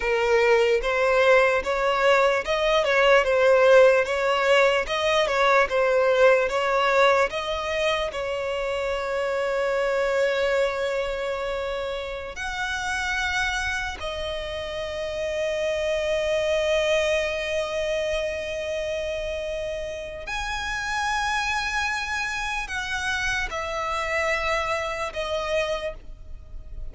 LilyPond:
\new Staff \with { instrumentName = "violin" } { \time 4/4 \tempo 4 = 74 ais'4 c''4 cis''4 dis''8 cis''8 | c''4 cis''4 dis''8 cis''8 c''4 | cis''4 dis''4 cis''2~ | cis''2.~ cis''16 fis''8.~ |
fis''4~ fis''16 dis''2~ dis''8.~ | dis''1~ | dis''4 gis''2. | fis''4 e''2 dis''4 | }